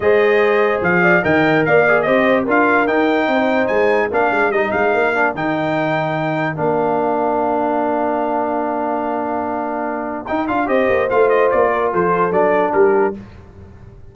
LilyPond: <<
  \new Staff \with { instrumentName = "trumpet" } { \time 4/4 \tempo 4 = 146 dis''2 f''4 g''4 | f''4 dis''4 f''4 g''4~ | g''4 gis''4 f''4 dis''8 f''8~ | f''4 g''2. |
f''1~ | f''1~ | f''4 g''8 f''8 dis''4 f''8 dis''8 | d''4 c''4 d''4 ais'4 | }
  \new Staff \with { instrumentName = "horn" } { \time 4/4 c''2~ c''8 d''8 dis''4 | d''4 c''4 ais'2 | c''2 ais'2~ | ais'1~ |
ais'1~ | ais'1~ | ais'2 c''2~ | c''8 ais'8 a'2 g'4 | }
  \new Staff \with { instrumentName = "trombone" } { \time 4/4 gis'2. ais'4~ | ais'8 gis'8 g'4 f'4 dis'4~ | dis'2 d'4 dis'4~ | dis'8 d'8 dis'2. |
d'1~ | d'1~ | d'4 dis'8 f'8 g'4 f'4~ | f'2 d'2 | }
  \new Staff \with { instrumentName = "tuba" } { \time 4/4 gis2 f4 dis4 | ais4 c'4 d'4 dis'4 | c'4 gis4 ais8 gis8 g8 gis8 | ais4 dis2. |
ais1~ | ais1~ | ais4 dis'8 d'8 c'8 ais8 a4 | ais4 f4 fis4 g4 | }
>>